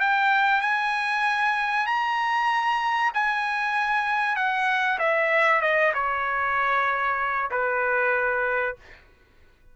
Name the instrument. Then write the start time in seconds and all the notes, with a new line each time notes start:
trumpet
0.00 G5
0.61 G#5
1.87 A#5
3.14 G#5
4.36 F#5
4.99 E5
5.61 D#5
5.94 C#5
7.51 B4